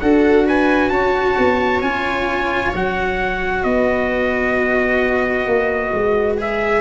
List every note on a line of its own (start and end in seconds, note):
0.00 0.89 D4
0.00 1.83 F#4
0.00 0.46 A4
0.00 0.45 F#5
0.46 0.91 B4
0.46 0.89 G#5
0.89 1.35 C#4
0.89 3.64 C#5
0.89 1.80 A5
1.38 1.81 B3
1.81 2.72 C#4
1.81 2.74 F4
1.81 2.72 G#5
2.74 3.64 F#3
2.74 6.37 F#4
2.74 3.63 F#5
3.63 5.46 B3
3.63 6.81 B4
3.63 6.36 D#5
5.46 5.91 A#3
5.93 6.81 G#3
6.37 6.81 G#4
6.37 6.81 E5